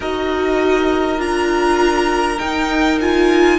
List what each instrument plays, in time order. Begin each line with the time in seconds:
0.00 cello D#4, viola F#4, violin A#4 D#5
1.17 cello D4, viola F4, violin A#5
2.38 viola D#4, cello D#4, violin G5
3.00 viola F4, violin G#5